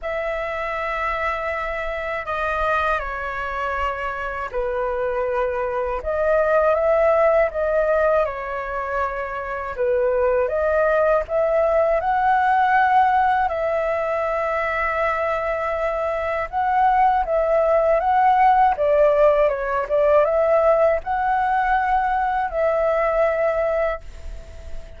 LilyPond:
\new Staff \with { instrumentName = "flute" } { \time 4/4 \tempo 4 = 80 e''2. dis''4 | cis''2 b'2 | dis''4 e''4 dis''4 cis''4~ | cis''4 b'4 dis''4 e''4 |
fis''2 e''2~ | e''2 fis''4 e''4 | fis''4 d''4 cis''8 d''8 e''4 | fis''2 e''2 | }